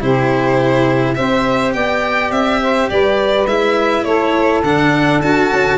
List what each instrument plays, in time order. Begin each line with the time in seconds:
0.00 tuba C3, cello E4, saxophone G4, violin C5
1.15 tuba C4, cello G4, saxophone C5, violin E5
1.74 tuba B3, saxophone D5, violin G5
2.31 tuba C4, violin E5
2.62 saxophone C5
2.90 tuba G3, saxophone B4, violin D5
3.46 tuba G#3, cello E4, violin E5
4.04 tuba A3, saxophone A4, violin C#5
4.63 tuba D3, cello D4, violin F#5
5.21 tuba D4, cello F#4, violin A5
5.52 tuba C#4